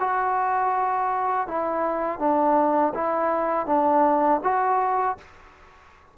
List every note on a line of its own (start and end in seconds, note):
0.00 1.47 F#4
1.47 2.19 E4
2.19 2.93 D4
2.94 3.66 E4
3.66 4.40 D4
4.43 5.18 F#4